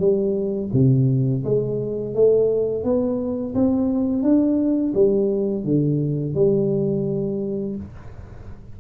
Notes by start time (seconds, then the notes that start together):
0.00 G3
0.73 C3
1.45 G#3
2.15 A3
2.84 B3
3.55 C4
4.23 D4
4.95 G3
5.65 D3
6.35 G3